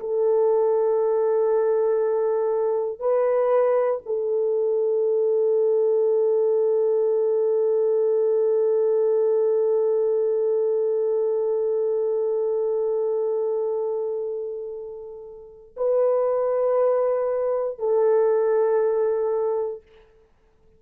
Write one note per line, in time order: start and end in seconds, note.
0.00 3.00 A4
3.00 4.01 B4
4.06 15.76 A4
15.77 17.79 B4
17.79 19.83 A4